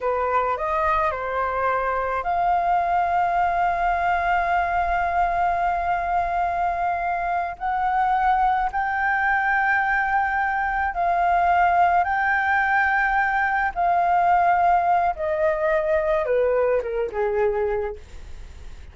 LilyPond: \new Staff \with { instrumentName = "flute" } { \time 4/4 \tempo 4 = 107 b'4 dis''4 c''2 | f''1~ | f''1~ | f''4. fis''2 g''8~ |
g''2.~ g''8 f''8~ | f''4. g''2~ g''8~ | g''8 f''2~ f''8 dis''4~ | dis''4 b'4 ais'8 gis'4. | }